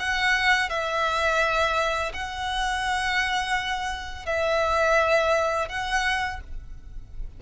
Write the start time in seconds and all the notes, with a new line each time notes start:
0.00 F#5
0.70 E5
2.14 F#5
4.26 E5
5.69 F#5